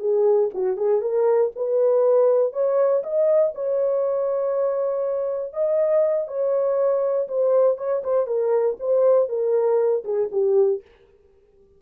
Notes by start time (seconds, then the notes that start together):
0.00 G#4
0.54 F#4
0.77 G#4
1.01 A#4
1.56 B4
2.53 C#5
3.03 D#5
3.55 C#5
5.53 D#5
6.28 C#5
7.28 C5
7.78 C#5
8.04 C5
8.27 A#4
8.80 C5
9.29 A#4
10.05 G#4
10.32 G4